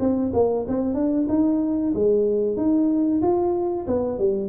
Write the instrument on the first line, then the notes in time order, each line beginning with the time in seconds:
tuba
0.00 C4
0.34 A#3
0.68 C4
0.95 D4
1.29 D#4
1.95 G#3
2.57 D#4
3.22 F4
3.88 B3
4.19 G3